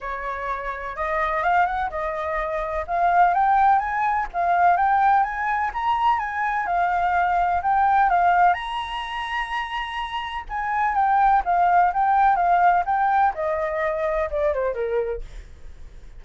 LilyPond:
\new Staff \with { instrumentName = "flute" } { \time 4/4 \tempo 4 = 126 cis''2 dis''4 f''8 fis''8 | dis''2 f''4 g''4 | gis''4 f''4 g''4 gis''4 | ais''4 gis''4 f''2 |
g''4 f''4 ais''2~ | ais''2 gis''4 g''4 | f''4 g''4 f''4 g''4 | dis''2 d''8 c''8 ais'4 | }